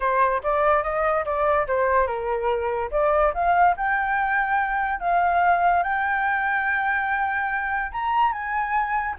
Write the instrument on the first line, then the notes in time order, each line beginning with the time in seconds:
flute
0.00 C5
0.43 D5
0.83 D#5
1.25 D5
1.67 C5
2.06 A#4
2.91 D5
3.34 F5
3.76 G5
5.00 F5
5.83 G5
7.92 A#5
8.32 G#5